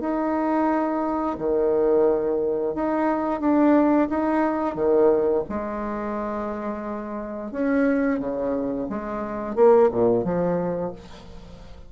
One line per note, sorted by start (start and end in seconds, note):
0.00 1.36 D#4
1.38 2.75 D#3
2.75 3.40 D#4
3.40 4.08 D4
4.09 4.74 D#4
4.74 5.43 D#3
5.49 7.51 G#3
7.51 8.19 C#4
8.19 8.87 C#3
8.89 9.55 G#3
9.55 9.89 A#3
9.91 10.24 A#2
10.24 10.92 F3